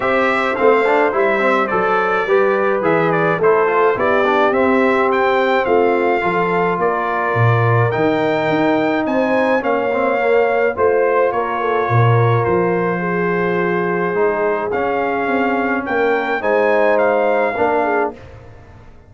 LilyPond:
<<
  \new Staff \with { instrumentName = "trumpet" } { \time 4/4 \tempo 4 = 106 e''4 f''4 e''4 d''4~ | d''4 e''8 d''8 c''4 d''4 | e''4 g''4 f''2 | d''2 g''2 |
gis''4 f''2 c''4 | cis''2 c''2~ | c''2 f''2 | g''4 gis''4 f''2 | }
  \new Staff \with { instrumentName = "horn" } { \time 4/4 c''1 | b'2 a'4 g'4~ | g'2 f'4 a'4 | ais'1 |
c''4 cis''2 c''4 | ais'8 a'8 ais'2 gis'4~ | gis'1 | ais'4 c''2 ais'8 gis'8 | }
  \new Staff \with { instrumentName = "trombone" } { \time 4/4 g'4 c'8 d'8 e'8 c'8 a'4 | g'4 gis'4 e'8 f'8 e'8 d'8 | c'2. f'4~ | f'2 dis'2~ |
dis'4 cis'8 c'8 ais4 f'4~ | f'1~ | f'4 dis'4 cis'2~ | cis'4 dis'2 d'4 | }
  \new Staff \with { instrumentName = "tuba" } { \time 4/4 c'4 a4 g4 fis4 | g4 e4 a4 b4 | c'2 a4 f4 | ais4 ais,4 dis4 dis'4 |
c'4 ais2 a4 | ais4 ais,4 f2~ | f4 gis4 cis'4 c'4 | ais4 gis2 ais4 | }
>>